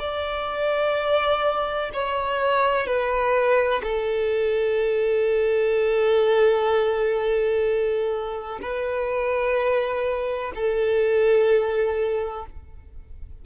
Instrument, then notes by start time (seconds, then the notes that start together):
violin
0.00 D5
1.94 C#5
2.87 B4
3.84 A4
8.62 B4
10.55 A4